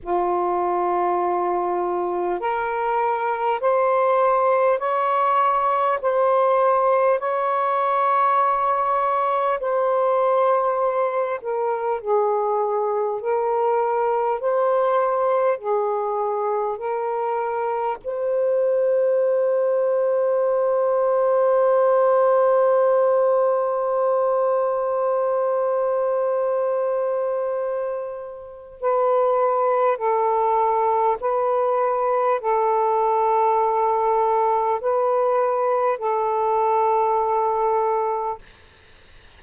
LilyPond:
\new Staff \with { instrumentName = "saxophone" } { \time 4/4 \tempo 4 = 50 f'2 ais'4 c''4 | cis''4 c''4 cis''2 | c''4. ais'8 gis'4 ais'4 | c''4 gis'4 ais'4 c''4~ |
c''1~ | c''1 | b'4 a'4 b'4 a'4~ | a'4 b'4 a'2 | }